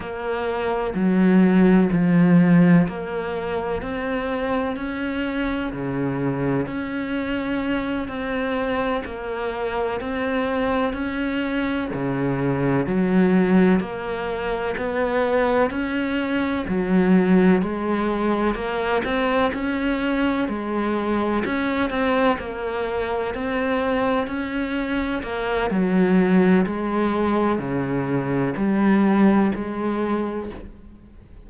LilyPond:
\new Staff \with { instrumentName = "cello" } { \time 4/4 \tempo 4 = 63 ais4 fis4 f4 ais4 | c'4 cis'4 cis4 cis'4~ | cis'8 c'4 ais4 c'4 cis'8~ | cis'8 cis4 fis4 ais4 b8~ |
b8 cis'4 fis4 gis4 ais8 | c'8 cis'4 gis4 cis'8 c'8 ais8~ | ais8 c'4 cis'4 ais8 fis4 | gis4 cis4 g4 gis4 | }